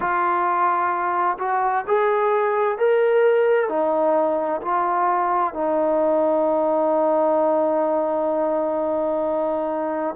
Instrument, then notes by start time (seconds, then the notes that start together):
trombone
0.00 F4
1.38 F#4
1.87 G#4
2.77 A#4
3.68 D#4
4.62 F4
5.53 D#4